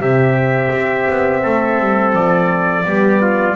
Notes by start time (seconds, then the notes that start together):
0.00 C3 C4 G4 E5
0.72 C4
1.10 B3
1.43 A3 A4
1.80 G3
2.13 F3 D5
2.85 G3 B3 G4
3.22 F4